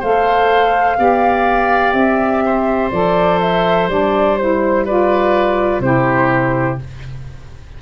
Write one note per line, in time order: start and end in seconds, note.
0.00 0.99 A3
0.00 0.97 A4
0.00 0.97 C5
0.00 1.93 F5
0.97 1.94 B3
0.97 2.91 G4
0.97 2.45 D5
1.93 2.90 C4
1.93 2.90 E5
2.46 4.85 C5
2.91 3.88 F3
2.91 3.90 A4
2.91 3.39 D5
3.41 3.89 E5
3.88 5.80 G3
3.88 4.38 D4
3.88 4.37 D5
4.37 4.87 E4
4.37 4.86 C5
4.85 5.82 F4
4.85 5.82 B4
4.85 5.81 D5
5.80 6.77 C3
5.80 6.79 E4
5.80 6.82 G4
5.80 6.78 C5